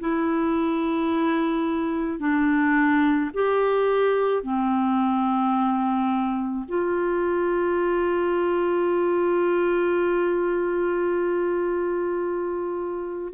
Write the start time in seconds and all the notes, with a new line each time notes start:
0.00 E4
2.19 D4
3.34 G4
4.43 C4
6.68 F4